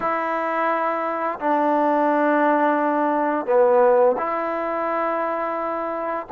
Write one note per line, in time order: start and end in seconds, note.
0.00 1.39 E4
1.39 3.46 D4
3.46 4.15 B3
4.17 6.26 E4